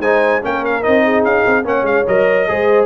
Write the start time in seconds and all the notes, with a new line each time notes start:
0.00 G#3 D#4 C5 G#5
0.42 A#3 C#4 A#4 G5
0.65 F5
0.83 C4 D#4 D#5
1.04 G#4
1.24 C#4 F5
1.46 C4
1.64 A#3 C#4 C#5 F#5
1.83 G#3 F5
2.08 F#3 A#4 D#5
2.48 G#3 G#4 C5